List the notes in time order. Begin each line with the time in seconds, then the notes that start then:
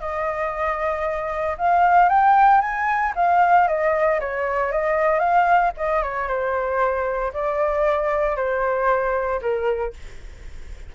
0.00 D#5
1.57 F5
2.09 G5
2.61 G#5
3.15 F5
3.68 D#5
4.20 C#5
4.71 D#5
5.19 F5
5.77 D#5
6.02 C#5
6.28 C5
7.33 D5
8.36 C5
9.41 A#4